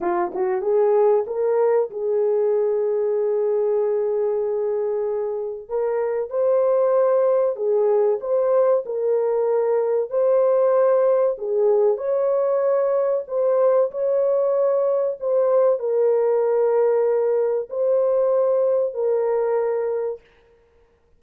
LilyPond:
\new Staff \with { instrumentName = "horn" } { \time 4/4 \tempo 4 = 95 f'8 fis'8 gis'4 ais'4 gis'4~ | gis'1~ | gis'4 ais'4 c''2 | gis'4 c''4 ais'2 |
c''2 gis'4 cis''4~ | cis''4 c''4 cis''2 | c''4 ais'2. | c''2 ais'2 | }